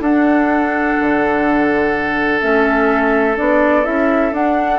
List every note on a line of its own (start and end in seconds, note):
0.00 0.96 D4
0.00 2.41 D4
0.00 4.79 A4
0.00 2.41 F#5
1.01 2.43 D3
2.41 3.39 A3
2.41 3.36 C#4
2.41 3.37 E5
3.36 3.87 B3
3.36 3.84 D4
3.36 3.86 D5
3.84 4.32 C#4
3.84 4.32 E4
3.84 4.34 E5
4.32 4.79 D4
4.32 4.79 F#5